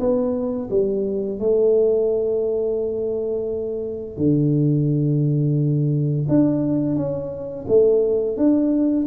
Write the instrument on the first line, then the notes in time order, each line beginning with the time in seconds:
tuba
0.00 B3
0.71 G3
1.40 A3
4.18 D3
6.29 D4
6.96 C#4
7.68 A3
8.37 D4